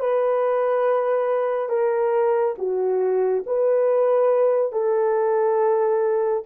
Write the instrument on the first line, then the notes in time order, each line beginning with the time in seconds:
horn
0.00 B4
1.69 A#4
2.58 F#4
3.46 B4
4.72 A4